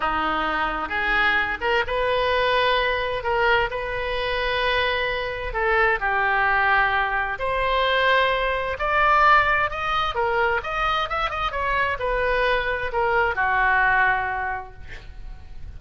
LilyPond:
\new Staff \with { instrumentName = "oboe" } { \time 4/4 \tempo 4 = 130 dis'2 gis'4. ais'8 | b'2. ais'4 | b'1 | a'4 g'2. |
c''2. d''4~ | d''4 dis''4 ais'4 dis''4 | e''8 dis''8 cis''4 b'2 | ais'4 fis'2. | }